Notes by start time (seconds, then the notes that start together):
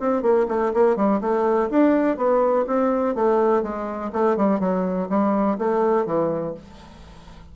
0.00 C4
0.22 A#3
0.49 A3
0.74 A#3
0.97 G3
1.21 A3
1.70 D4
2.18 B3
2.67 C4
3.15 A3
3.63 G#3
4.13 A3
4.37 G3
4.60 F#3
5.10 G3
5.58 A3
6.06 E3